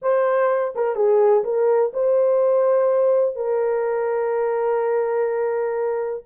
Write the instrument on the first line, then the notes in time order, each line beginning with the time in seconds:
horn
0.02 C5
0.75 A#4
0.95 G#4
1.44 A#4
1.93 C5
3.35 A#4